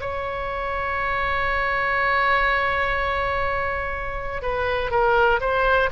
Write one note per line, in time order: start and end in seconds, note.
0.00 4.42 C#5
4.42 4.91 B4
4.91 5.40 A#4
5.41 5.90 C5